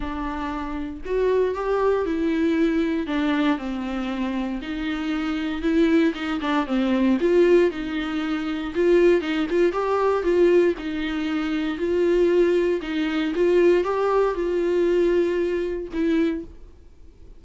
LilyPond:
\new Staff \with { instrumentName = "viola" } { \time 4/4 \tempo 4 = 117 d'2 fis'4 g'4 | e'2 d'4 c'4~ | c'4 dis'2 e'4 | dis'8 d'8 c'4 f'4 dis'4~ |
dis'4 f'4 dis'8 f'8 g'4 | f'4 dis'2 f'4~ | f'4 dis'4 f'4 g'4 | f'2. e'4 | }